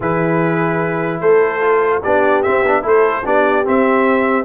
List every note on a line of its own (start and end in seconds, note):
0.00 1.20 E3
0.00 1.60 E4
0.00 1.20 G#4
0.00 1.20 B4
1.20 2.02 A3
1.20 2.01 A4
1.20 2.02 C5
1.60 2.01 F4
2.03 2.46 B3
2.03 2.44 D4
2.03 2.82 G4
2.03 2.43 D5
2.43 2.65 C4
2.43 2.62 C4
2.43 2.83 E5
2.62 2.82 B3
2.62 2.82 D4
2.82 3.23 A3
2.82 3.22 E4
2.82 3.23 A4
2.82 3.26 C5
3.24 3.66 B3
3.24 3.64 D4
3.24 4.45 G4
3.24 3.66 D5
3.64 4.45 C4
3.64 4.45 E5